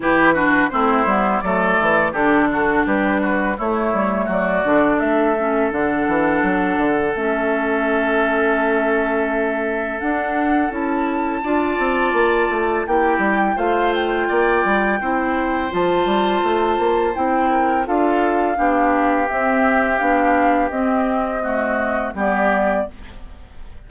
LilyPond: <<
  \new Staff \with { instrumentName = "flute" } { \time 4/4 \tempo 4 = 84 b'4 c''4 d''4 a'4 | b'4 cis''4 d''4 e''4 | fis''2 e''2~ | e''2 fis''4 a''4~ |
a''2 g''4 f''8 g''8~ | g''2 a''2 | g''4 f''2 e''4 | f''4 dis''2 d''4 | }
  \new Staff \with { instrumentName = "oboe" } { \time 4/4 g'8 fis'8 e'4 a'4 g'8 fis'8 | g'8 fis'8 e'4 fis'4 a'4~ | a'1~ | a'1 |
d''2 g'4 c''4 | d''4 c''2.~ | c''8 ais'8 a'4 g'2~ | g'2 fis'4 g'4 | }
  \new Staff \with { instrumentName = "clarinet" } { \time 4/4 e'8 d'8 c'8 b8 a4 d'4~ | d'4 a4. d'4 cis'8 | d'2 cis'2~ | cis'2 d'4 e'4 |
f'2 e'4 f'4~ | f'4 e'4 f'2 | e'4 f'4 d'4 c'4 | d'4 c'4 a4 b4 | }
  \new Staff \with { instrumentName = "bassoon" } { \time 4/4 e4 a8 g8 fis8 e8 d4 | g4 a8 g8 fis8 d8 a4 | d8 e8 fis8 d8 a2~ | a2 d'4 cis'4 |
d'8 c'8 ais8 a8 ais8 g8 a4 | ais8 g8 c'4 f8 g8 a8 ais8 | c'4 d'4 b4 c'4 | b4 c'2 g4 | }
>>